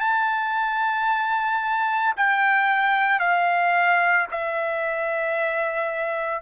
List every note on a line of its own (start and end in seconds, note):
0.00 2.14 A5
2.17 3.19 G5
3.19 4.27 F5
4.31 6.42 E5